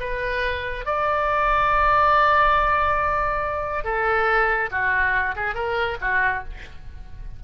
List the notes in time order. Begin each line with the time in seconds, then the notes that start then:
0.00 B4
0.86 D5
3.84 A4
4.71 F#4
5.36 G#4
5.55 A#4
6.01 F#4